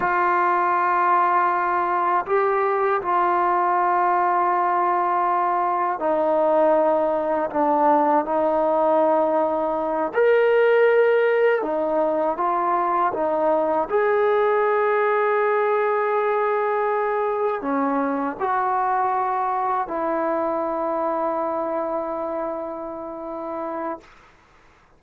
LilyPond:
\new Staff \with { instrumentName = "trombone" } { \time 4/4 \tempo 4 = 80 f'2. g'4 | f'1 | dis'2 d'4 dis'4~ | dis'4. ais'2 dis'8~ |
dis'8 f'4 dis'4 gis'4.~ | gis'2.~ gis'8 cis'8~ | cis'8 fis'2 e'4.~ | e'1 | }